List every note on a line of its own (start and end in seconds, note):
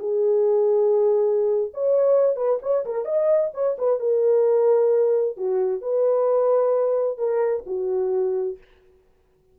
0.00 1.72 G#4
1.74 2.37 C#5
2.37 2.60 B4
2.63 2.86 C#5
2.86 3.05 A#4
3.05 3.51 D#5
3.54 3.77 C#5
3.78 4.00 B4
4.00 5.37 A#4
5.37 5.82 F#4
5.82 7.18 B4
7.18 7.64 A#4
7.67 8.58 F#4